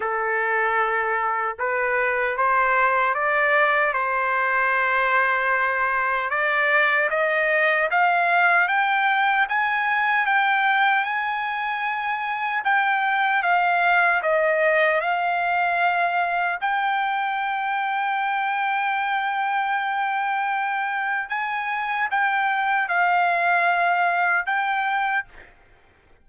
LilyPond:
\new Staff \with { instrumentName = "trumpet" } { \time 4/4 \tempo 4 = 76 a'2 b'4 c''4 | d''4 c''2. | d''4 dis''4 f''4 g''4 | gis''4 g''4 gis''2 |
g''4 f''4 dis''4 f''4~ | f''4 g''2.~ | g''2. gis''4 | g''4 f''2 g''4 | }